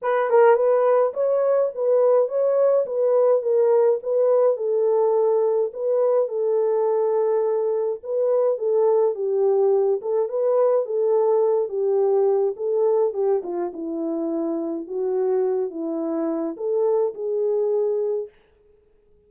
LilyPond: \new Staff \with { instrumentName = "horn" } { \time 4/4 \tempo 4 = 105 b'8 ais'8 b'4 cis''4 b'4 | cis''4 b'4 ais'4 b'4 | a'2 b'4 a'4~ | a'2 b'4 a'4 |
g'4. a'8 b'4 a'4~ | a'8 g'4. a'4 g'8 f'8 | e'2 fis'4. e'8~ | e'4 a'4 gis'2 | }